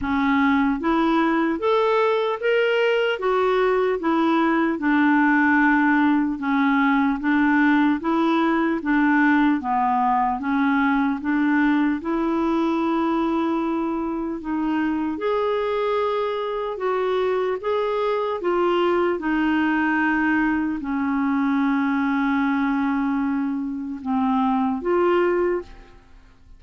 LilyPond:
\new Staff \with { instrumentName = "clarinet" } { \time 4/4 \tempo 4 = 75 cis'4 e'4 a'4 ais'4 | fis'4 e'4 d'2 | cis'4 d'4 e'4 d'4 | b4 cis'4 d'4 e'4~ |
e'2 dis'4 gis'4~ | gis'4 fis'4 gis'4 f'4 | dis'2 cis'2~ | cis'2 c'4 f'4 | }